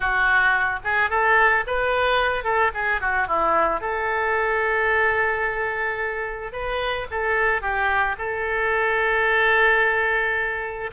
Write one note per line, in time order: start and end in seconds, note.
0.00 0.79 F#4
0.84 1.09 G#4
1.09 1.64 A4
1.66 2.44 B4
2.44 2.71 A4
2.74 3.00 G#4
3.00 3.27 F#4
3.27 3.80 E4
3.80 6.52 A4
6.52 7.06 B4
7.11 7.61 A4
7.61 8.16 G4
8.18 10.90 A4